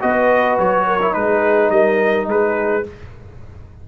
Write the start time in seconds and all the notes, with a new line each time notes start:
0.00 B3 F#4 B4 D#5
0.58 F#3 C#5
0.86 A#4
1.01 E4
1.12 G#3 D#4 G#4 B4
1.69 G3 A#4 D#5
2.26 G#3 G#4 B4